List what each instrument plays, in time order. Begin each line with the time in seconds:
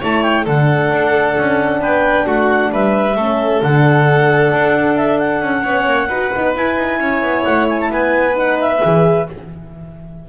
0.00 double bass A3, horn E4, violin C#5, clarinet A5
0.23 clarinet G5
0.45 double bass D3, horn D4, violin A4, clarinet F#5
0.91 double bass D4
1.38 double bass C#4
1.81 double bass B3, violin B4, clarinet G5
2.26 double bass A3, violin F#4, clarinet F#5
2.73 double bass G3, violin B4, clarinet E5
3.17 double bass A3, horn C#4, violin A4
3.62 double bass D3, horn D4, clarinet F#5
4.52 double bass D4
4.97 clarinet E5
5.19 clarinet F#5
5.42 double bass C#4
5.63 double bass B3, horn C#4, violin C#5
5.87 double bass A#3
6.09 double bass D#4, horn F#4, violin B4
6.36 double bass B3, horn D#4
6.55 horn E4, double bass E4, clarinet G#5
6.77 double bass D#4
7.00 double bass C#4, violin C#5
7.22 double bass B3
7.45 double bass A3, clarinet F#5
7.69 clarinet G#5
7.81 clarinet A5
7.91 double bass B3, violin B4, clarinet G#5
8.34 horn D#4, clarinet F#5
8.61 clarinet E5
8.82 double bass E3, horn G#4